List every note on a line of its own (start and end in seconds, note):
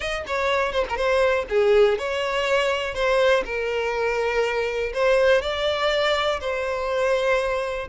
0.00 0.24 D#5
0.26 0.72 C#5
0.72 0.85 C5
0.89 0.96 A#4
0.96 1.45 C5
1.49 1.98 G#4
1.98 2.94 C#5
2.94 3.43 C5
3.45 4.92 A#4
4.93 5.41 C5
5.41 6.39 D5
6.40 7.88 C5